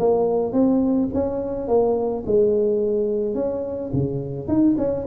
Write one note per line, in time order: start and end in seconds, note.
0.00 0.53 A#3
0.53 1.09 C4
1.14 1.68 C#4
1.68 2.24 A#3
2.27 3.35 G#3
3.35 3.91 C#4
3.93 4.48 C#3
4.48 4.76 D#4
4.78 5.06 C#4